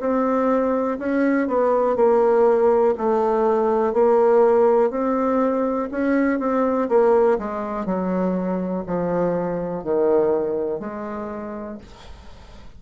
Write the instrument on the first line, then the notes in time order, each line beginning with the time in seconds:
bassoon
0.00 C4
0.99 C#4
1.48 B3
1.96 A#3
2.98 A3
3.93 A#3
4.91 C4
5.92 C#4
6.40 C4
6.89 A#3
7.39 G#3
7.86 F#3
8.87 F3
9.84 D#3
10.80 G#3